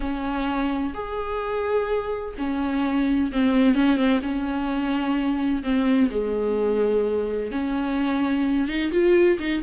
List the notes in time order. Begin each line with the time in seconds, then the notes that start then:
0.00 C#4
0.94 G#4
2.38 C#4
3.32 C4
3.75 C#4
3.96 C4
4.22 C#4
5.63 C4
6.10 G#3
7.51 C#4
8.67 D#4
8.91 F4
9.39 D#4